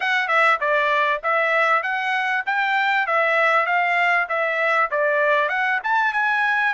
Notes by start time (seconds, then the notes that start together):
0.00 F#5
0.28 E5
0.60 D5
1.23 E5
1.83 F#5
2.45 G5
3.06 E5
3.66 F5
4.29 E5
4.91 D5
5.49 F#5
5.83 A5
6.13 G#5